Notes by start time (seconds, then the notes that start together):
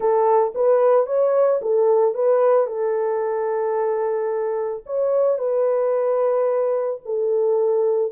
0.00 A4
0.54 B4
1.06 C#5
1.61 A4
2.14 B4
2.67 A4
4.86 C#5
5.38 B4
7.05 A4